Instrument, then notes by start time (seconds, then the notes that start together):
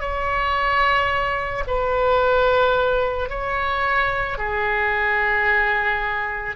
oboe
0.00 C#5
1.67 B4
3.29 C#5
4.37 G#4